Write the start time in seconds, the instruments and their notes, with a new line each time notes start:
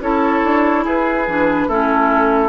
0.00 bassoon C#4, clarinet E4, oboe A4, flute C#5
0.44 bassoon D4
0.84 bassoon E4, oboe G#4, flute B4
1.27 bassoon E3, clarinet D4
1.68 bassoon A3, clarinet C#4, oboe E4, flute A4